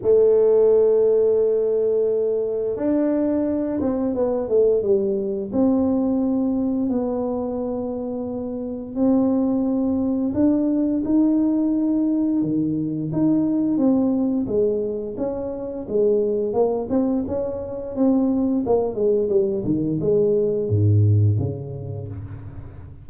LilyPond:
\new Staff \with { instrumentName = "tuba" } { \time 4/4 \tempo 4 = 87 a1 | d'4. c'8 b8 a8 g4 | c'2 b2~ | b4 c'2 d'4 |
dis'2 dis4 dis'4 | c'4 gis4 cis'4 gis4 | ais8 c'8 cis'4 c'4 ais8 gis8 | g8 dis8 gis4 gis,4 cis4 | }